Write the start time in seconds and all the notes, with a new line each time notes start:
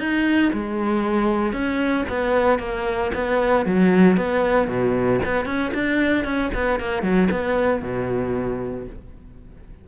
0.00 D#4
0.54 G#3
1.53 C#4
2.09 B3
2.60 A#3
3.14 B3
3.66 F#3
4.17 B3
4.68 B2
5.26 B3
5.46 C#4
5.74 D4
6.25 C#4
6.55 B3
6.80 A#3
7.03 F#3
7.31 B3
7.83 B2